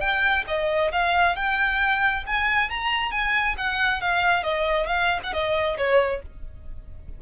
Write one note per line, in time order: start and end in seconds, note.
0.00 0.44 G5
0.47 0.91 D#5
0.92 1.36 F5
1.36 2.24 G5
2.26 2.70 G#5
2.70 3.11 A#5
3.11 3.55 G#5
3.57 4.01 F#5
4.01 4.43 F5
4.43 4.87 D#5
4.87 5.20 F5
5.23 5.33 F#5
5.33 5.77 D#5
5.77 6.21 C#5